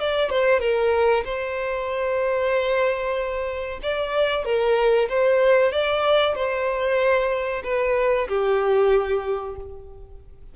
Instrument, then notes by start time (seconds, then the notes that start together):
violin
0.00 D5
0.30 C5
0.60 A#4
1.24 C5
3.83 D5
4.45 A#4
5.09 C5
5.72 D5
6.35 C5
7.64 B4
8.28 G4